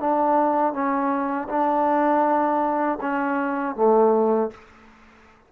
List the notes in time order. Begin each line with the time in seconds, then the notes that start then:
0.00 D4
0.73 C#4
1.49 D4
3.01 C#4
3.76 A3